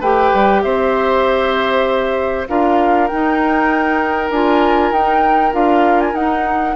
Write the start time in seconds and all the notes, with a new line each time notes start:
0.00 A3 G4 B4 G5
0.33 G3
0.62 C4 C5 E5
2.48 D4 F4 A#4 F5
3.08 D#4 G5
4.30 D4 F4 G#5
4.91 D#4 G5
5.52 D4 F4 F5
6.00 G#5
6.13 D#4 F#5